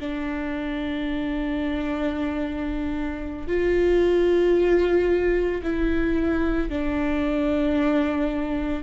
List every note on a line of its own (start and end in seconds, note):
0.00 3.48 D4
3.48 5.62 F4
5.63 6.70 E4
6.70 8.83 D4